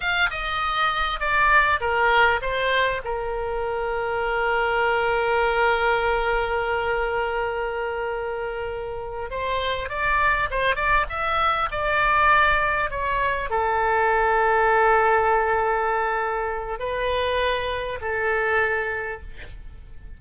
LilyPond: \new Staff \with { instrumentName = "oboe" } { \time 4/4 \tempo 4 = 100 f''8 dis''4. d''4 ais'4 | c''4 ais'2.~ | ais'1~ | ais'2.~ ais'8 c''8~ |
c''8 d''4 c''8 d''8 e''4 d''8~ | d''4. cis''4 a'4.~ | a'1 | b'2 a'2 | }